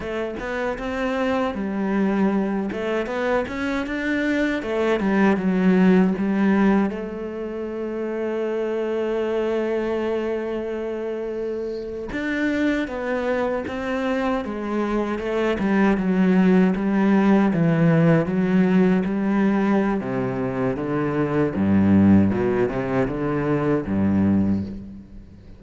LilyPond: \new Staff \with { instrumentName = "cello" } { \time 4/4 \tempo 4 = 78 a8 b8 c'4 g4. a8 | b8 cis'8 d'4 a8 g8 fis4 | g4 a2.~ | a2.~ a8. d'16~ |
d'8. b4 c'4 gis4 a16~ | a16 g8 fis4 g4 e4 fis16~ | fis8. g4~ g16 c4 d4 | g,4 b,8 c8 d4 g,4 | }